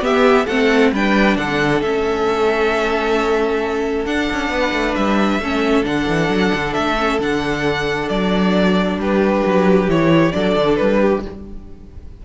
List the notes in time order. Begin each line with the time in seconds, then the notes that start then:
0.00 B3 G4 E5
0.46 A3 C4 A4 F#5
0.92 G3 D4 B4 G5
1.37 D3 A4 F#5
1.82 A3 C#4 E5
4.06 D4 F#5
4.32 C#4
4.49 B3 B4
4.72 A3
4.95 G3 E5
5.39 A3 C#4 A4
5.84 D3 D4 F#5
6.09 E3
6.29 F#3
6.54 D3
6.74 A3 E5
6.98 C#4
7.19 D3 D4 F#5
8.09 F#3 D5
8.97 G3 G4 B4
9.46 F#3
9.88 E3 E4 C#5
10.32 F#3 D4 A4 D5
10.56 D3
10.76 G3 B4
11.00 G4